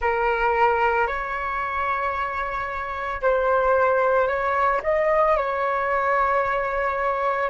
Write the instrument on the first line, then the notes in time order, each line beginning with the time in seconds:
flute
0.00 A#4
1.07 C#5
3.21 C5
4.27 C#5
4.83 D#5
5.36 C#5